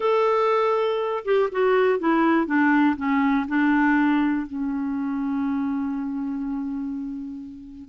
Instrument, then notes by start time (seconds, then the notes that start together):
clarinet
0.00 A4
1.24 G4
1.51 F#4
1.99 E4
2.46 D4
2.97 C#4
3.48 D4
4.47 C#4